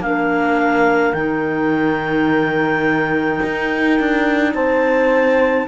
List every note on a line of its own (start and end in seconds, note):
0.00 1.13 A#3
0.00 1.16 D4
0.00 1.13 F5
0.07 4.55 A#4
1.13 3.40 D#3
1.13 5.68 D#4
1.13 4.53 G5
3.43 4.00 D#4
4.00 4.54 D4
4.54 5.67 C4
4.54 5.68 C5
4.54 5.68 A5